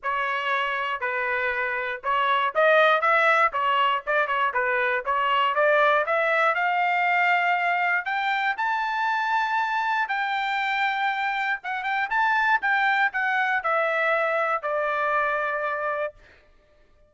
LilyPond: \new Staff \with { instrumentName = "trumpet" } { \time 4/4 \tempo 4 = 119 cis''2 b'2 | cis''4 dis''4 e''4 cis''4 | d''8 cis''8 b'4 cis''4 d''4 | e''4 f''2. |
g''4 a''2. | g''2. fis''8 g''8 | a''4 g''4 fis''4 e''4~ | e''4 d''2. | }